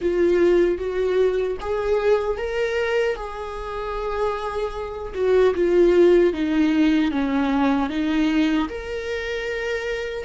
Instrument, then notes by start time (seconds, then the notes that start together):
viola
0.01 F4
0.78 F#4
1.60 G#4
2.37 A#4
3.15 G#4
5.14 F#4
5.54 F4
6.33 D#4
7.11 C#4
7.89 D#4
8.68 A#4